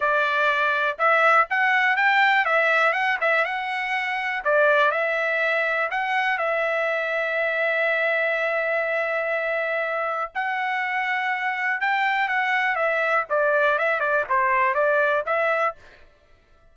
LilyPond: \new Staff \with { instrumentName = "trumpet" } { \time 4/4 \tempo 4 = 122 d''2 e''4 fis''4 | g''4 e''4 fis''8 e''8 fis''4~ | fis''4 d''4 e''2 | fis''4 e''2.~ |
e''1~ | e''4 fis''2. | g''4 fis''4 e''4 d''4 | e''8 d''8 c''4 d''4 e''4 | }